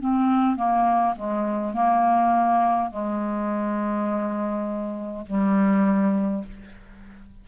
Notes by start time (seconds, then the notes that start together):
0.00 C4
0.56 A#3
1.16 G#3
1.74 A#3
2.90 G#3
5.26 G3